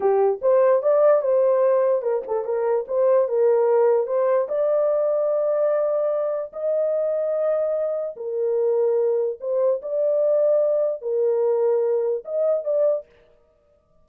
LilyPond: \new Staff \with { instrumentName = "horn" } { \time 4/4 \tempo 4 = 147 g'4 c''4 d''4 c''4~ | c''4 ais'8 a'8 ais'4 c''4 | ais'2 c''4 d''4~ | d''1 |
dis''1 | ais'2. c''4 | d''2. ais'4~ | ais'2 dis''4 d''4 | }